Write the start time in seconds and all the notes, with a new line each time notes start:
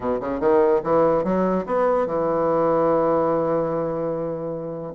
0.00 B2
0.20 C#3
0.39 D#3
0.83 E3
1.24 F#3
1.66 B3
2.06 E3